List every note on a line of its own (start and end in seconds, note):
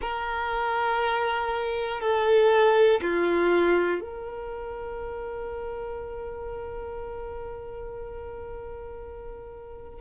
0.00 2.00 A#4
2.00 3.00 A4
3.01 4.00 F4
4.00 10.00 A#4